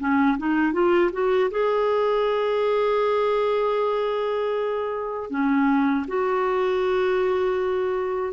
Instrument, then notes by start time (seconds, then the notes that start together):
clarinet
0.00 C#4
0.38 D#4
0.73 F4
1.12 F#4
1.51 G#4
5.30 C#4
6.08 F#4